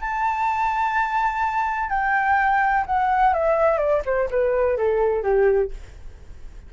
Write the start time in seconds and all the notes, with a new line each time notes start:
0.00 A5
1.89 G5
2.86 F#5
3.34 E5
3.78 D5
4.05 C5
4.31 B4
4.77 A4
5.23 G4